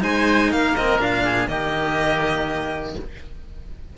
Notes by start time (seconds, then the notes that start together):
0.00 G#3 D#4 C5 G#5
0.51 A#3 A#4 F5
0.75 C4 D#5
0.99 A#2 D4 F5
1.24 G#4
1.46 D#3 A#3 G4 D#5